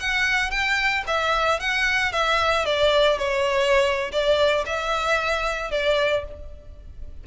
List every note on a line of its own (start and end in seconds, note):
0.00 0.51 F#5
0.51 1.04 G5
1.07 1.60 E5
1.60 2.12 F#5
2.12 2.65 E5
2.65 3.18 D5
3.18 4.11 C#5
4.12 4.65 D5
4.66 5.71 E5
5.71 6.24 D5